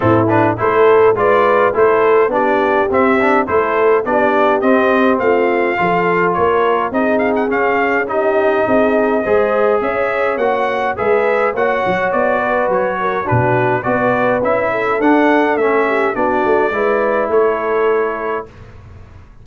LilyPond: <<
  \new Staff \with { instrumentName = "trumpet" } { \time 4/4 \tempo 4 = 104 a'8 b'8 c''4 d''4 c''4 | d''4 e''4 c''4 d''4 | dis''4 f''2 cis''4 | dis''8 f''16 fis''16 f''4 dis''2~ |
dis''4 e''4 fis''4 e''4 | fis''4 d''4 cis''4 b'4 | d''4 e''4 fis''4 e''4 | d''2 cis''2 | }
  \new Staff \with { instrumentName = "horn" } { \time 4/4 e'4 a'4 b'4 a'4 | g'2 a'4 g'4~ | g'4 f'4 a'4 ais'4 | gis'2 g'4 gis'4 |
c''4 cis''2 b'4 | cis''4. b'4 ais'8 fis'4 | b'4. a'2 g'8 | fis'4 b'4 a'2 | }
  \new Staff \with { instrumentName = "trombone" } { \time 4/4 c'8 d'8 e'4 f'4 e'4 | d'4 c'8 d'8 e'4 d'4 | c'2 f'2 | dis'4 cis'4 dis'2 |
gis'2 fis'4 gis'4 | fis'2. d'4 | fis'4 e'4 d'4 cis'4 | d'4 e'2. | }
  \new Staff \with { instrumentName = "tuba" } { \time 4/4 a,4 a4 gis4 a4 | b4 c'4 a4 b4 | c'4 a4 f4 ais4 | c'4 cis'2 c'4 |
gis4 cis'4 ais4 gis4 | ais8 fis8 b4 fis4 b,4 | b4 cis'4 d'4 a4 | b8 a8 gis4 a2 | }
>>